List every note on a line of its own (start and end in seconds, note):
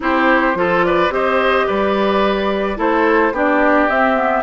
0.00 0.54 C4
0.00 0.55 E4
0.00 0.58 G4
0.00 0.84 C5
0.54 1.09 F3
0.54 1.09 F4
0.54 0.85 A4
0.84 1.13 B4
0.84 1.12 D5
1.09 1.65 C4
1.09 2.76 G4
1.09 1.66 C5
1.09 1.67 D#5
1.66 2.77 G3
1.66 2.77 B4
1.66 2.78 D5
2.76 3.31 A3
2.76 3.31 E4
2.76 3.33 A4
2.76 3.35 C5
3.31 3.87 B3
3.31 3.89 D4
3.31 4.42 G4
3.31 3.89 D5
3.89 4.15 C4
3.89 4.42 C4
3.89 4.42 E5
4.15 4.42 B3